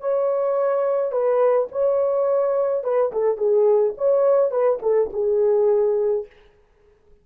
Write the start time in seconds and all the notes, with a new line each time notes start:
0.00 C#5
1.12 B4
1.72 C#5
2.84 B4
3.12 A4
3.37 G#4
3.97 C#5
4.51 B4
4.82 A4
5.13 G#4